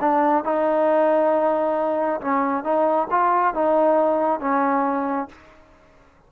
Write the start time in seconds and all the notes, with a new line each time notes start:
0.00 D4
0.44 D#4
2.21 C#4
2.64 D#4
3.11 F4
3.54 D#4
4.40 C#4